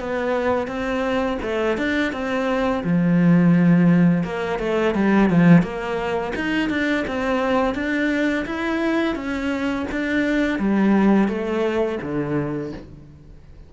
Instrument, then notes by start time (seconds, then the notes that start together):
cello
0.00 B3
0.68 C4
1.42 A3
1.78 D4
2.13 C4
2.84 F3
4.24 A#3
4.59 A3
4.95 G3
5.30 F3
5.63 A#3
6.36 D#4
6.70 D4
7.08 C4
7.75 D4
8.46 E4
9.16 C#4
9.92 D4
10.59 G3
11.28 A3
12.02 D3